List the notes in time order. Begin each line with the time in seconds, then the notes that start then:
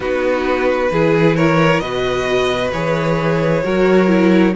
0.00 B3 D#4 F#4 B4
0.91 E3 E4 G#4
1.36 A#4 C#5
1.79 B2 F#4 B4 D#5
2.72 E3 G#4 C#5
3.63 F#3 F#4 A#4
4.07 E4